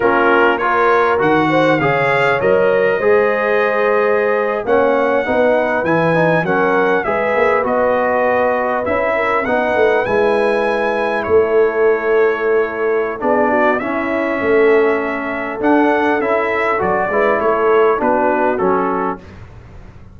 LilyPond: <<
  \new Staff \with { instrumentName = "trumpet" } { \time 4/4 \tempo 4 = 100 ais'4 cis''4 fis''4 f''4 | dis''2.~ dis''8. fis''16~ | fis''4.~ fis''16 gis''4 fis''4 e''16~ | e''8. dis''2 e''4 fis''16~ |
fis''8. gis''2 cis''4~ cis''16~ | cis''2 d''4 e''4~ | e''2 fis''4 e''4 | d''4 cis''4 b'4 a'4 | }
  \new Staff \with { instrumentName = "horn" } { \time 4/4 f'4 ais'4. c''8 cis''4~ | cis''4 c''2~ c''8. cis''16~ | cis''8. b'2 ais'4 b'16~ | b'2.~ b'16 ais'8 b'16~ |
b'2~ b'8. a'4~ a'16~ | a'2 gis'8 fis'8 e'4 | a'1~ | a'8 b'8 a'4 fis'2 | }
  \new Staff \with { instrumentName = "trombone" } { \time 4/4 cis'4 f'4 fis'4 gis'4 | ais'4 gis'2~ gis'8. cis'16~ | cis'8. dis'4 e'8 dis'8 cis'4 gis'16~ | gis'8. fis'2 e'4 dis'16~ |
dis'8. e'2.~ e'16~ | e'2 d'4 cis'4~ | cis'2 d'4 e'4 | fis'8 e'4. d'4 cis'4 | }
  \new Staff \with { instrumentName = "tuba" } { \time 4/4 ais2 dis4 cis4 | fis4 gis2~ gis8. ais16~ | ais8. b4 e4 fis4 gis16~ | gis16 ais8 b2 cis'4 b16~ |
b16 a8 gis2 a4~ a16~ | a2 b4 cis'4 | a2 d'4 cis'4 | fis8 gis8 a4 b4 fis4 | }
>>